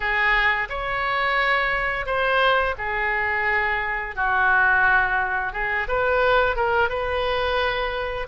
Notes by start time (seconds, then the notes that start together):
0.00 G#4
0.69 C#5
2.06 C5
2.77 G#4
4.15 F#4
5.52 G#4
5.88 B4
6.55 A#4
6.89 B4